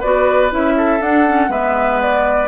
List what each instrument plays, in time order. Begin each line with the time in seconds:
0.00 bassoon B3, clarinet F#4, oboe B4, flute D5
0.50 bassoon C#4, clarinet E4, flute E5
0.77 oboe A4
1.00 bassoon D4, clarinet D4, flute F#5
1.27 clarinet C#4
1.49 bassoon G#3, clarinet B3, oboe B4, flute E5
2.02 flute D5